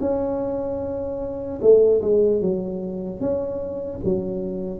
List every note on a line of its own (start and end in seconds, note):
0.00 1.60 C#4
1.61 2.01 A3
2.01 2.41 G#3
2.41 3.20 F#3
3.20 4.00 C#4
4.04 4.79 F#3